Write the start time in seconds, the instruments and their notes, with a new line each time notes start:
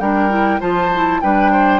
0.00 bassoon G3, clarinet D4, oboe A#4, flute G5
0.30 clarinet E4
0.60 bassoon F3, clarinet F4, oboe C5, flute A5
0.94 clarinet E4
1.21 bassoon G3, clarinet D4, oboe B4, flute G5
1.52 oboe C5